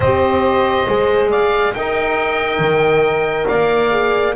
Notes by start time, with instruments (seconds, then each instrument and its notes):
0.00 double bass C4, horn G4, saxophone C5, oboe D#5
0.87 double bass G#3, horn G#4
1.30 saxophone D5, oboe F5
1.74 double bass D#4, horn A#4, saxophone D#5, oboe G5
2.59 double bass D#3
3.48 double bass A#3, saxophone D5, oboe F5
3.90 horn G#4